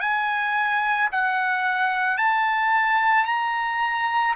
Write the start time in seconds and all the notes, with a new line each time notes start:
0.00 G#5
1.12 F#5
2.17 A5
3.25 A#5